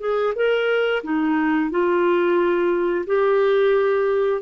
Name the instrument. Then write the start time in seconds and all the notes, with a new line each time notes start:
clarinet
0.00 G#4
0.35 A#4
1.03 D#4
1.70 F4
3.07 G4